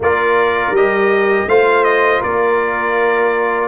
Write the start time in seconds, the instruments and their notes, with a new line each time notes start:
0.00 tuba A#3, trombone F4, horn A#4, trumpet D5
0.70 tuba G3, trombone G4, trumpet D#5
1.46 tuba A3, trombone F4, horn C5, trumpet F5
1.84 trumpet D#5
2.20 tuba A#3, horn A#4, trumpet D5